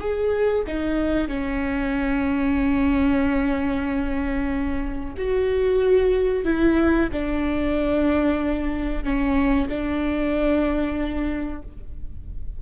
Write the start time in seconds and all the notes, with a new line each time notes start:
0.00 G#4
0.67 D#4
1.28 C#4
5.18 F#4
6.45 E4
7.12 D4
9.04 C#4
9.69 D4